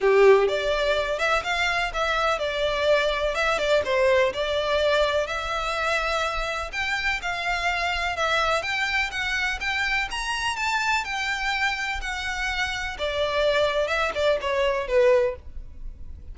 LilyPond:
\new Staff \with { instrumentName = "violin" } { \time 4/4 \tempo 4 = 125 g'4 d''4. e''8 f''4 | e''4 d''2 e''8 d''8 | c''4 d''2 e''4~ | e''2 g''4 f''4~ |
f''4 e''4 g''4 fis''4 | g''4 ais''4 a''4 g''4~ | g''4 fis''2 d''4~ | d''4 e''8 d''8 cis''4 b'4 | }